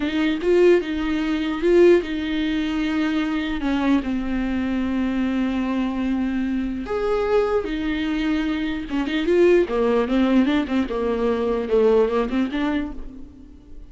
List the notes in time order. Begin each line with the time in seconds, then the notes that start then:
0.00 D#4
0.42 F4
0.81 D#4
1.61 F4
2.02 D#4
3.60 C#4
4.03 C4
6.85 G#4
7.64 D#4
8.90 C#4
9.07 D#4
9.26 F4
9.68 A#3
10.07 C4
10.45 D4
10.67 C4
10.89 A#3
11.69 A3
12.08 A#3
12.29 C4
12.51 D4